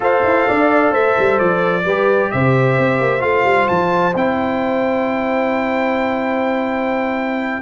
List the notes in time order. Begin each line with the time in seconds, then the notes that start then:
0.00 F4 A4 C5 F5
0.23 E4
0.47 D4 D5
0.91 A3 C5 E5
1.18 G3
1.38 F3 D5
1.84 G3 G4 B4
2.31 C3 C5 E5
2.78 C4
3.00 A#3
3.19 A3 F4 F5
3.44 G3
3.67 F3 A5
4.14 C4 E4 G5